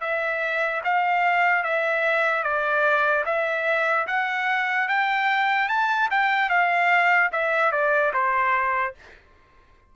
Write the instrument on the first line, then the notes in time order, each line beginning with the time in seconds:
trumpet
0.00 E5
0.84 F5
1.63 E5
2.43 D5
3.25 E5
4.07 F#5
4.88 G5
5.68 A5
6.10 G5
6.49 F5
7.32 E5
7.71 D5
8.13 C5